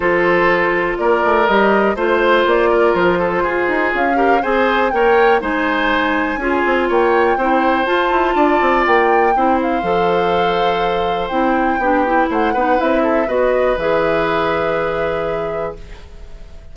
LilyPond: <<
  \new Staff \with { instrumentName = "flute" } { \time 4/4 \tempo 4 = 122 c''2 d''4 dis''4 | c''4 d''4 c''2 | f''4 gis''4 g''4 gis''4~ | gis''2 g''2 |
a''2 g''4. f''8~ | f''2. g''4~ | g''4 fis''4 e''4 dis''4 | e''1 | }
  \new Staff \with { instrumentName = "oboe" } { \time 4/4 a'2 ais'2 | c''4. ais'4 a'8 gis'4~ | gis'8 ais'8 c''4 cis''4 c''4~ | c''4 gis'4 cis''4 c''4~ |
c''4 d''2 c''4~ | c''1 | g'4 c''8 b'4 a'8 b'4~ | b'1 | }
  \new Staff \with { instrumentName = "clarinet" } { \time 4/4 f'2. g'4 | f'1~ | f'8 g'8 gis'4 ais'4 dis'4~ | dis'4 f'2 e'4 |
f'2. e'4 | a'2. e'4 | d'8 e'4 dis'8 e'4 fis'4 | gis'1 | }
  \new Staff \with { instrumentName = "bassoon" } { \time 4/4 f2 ais8 a8 g4 | a4 ais4 f4 f'8 dis'8 | cis'4 c'4 ais4 gis4~ | gis4 cis'8 c'8 ais4 c'4 |
f'8 e'8 d'8 c'8 ais4 c'4 | f2. c'4 | b4 a8 b8 c'4 b4 | e1 | }
>>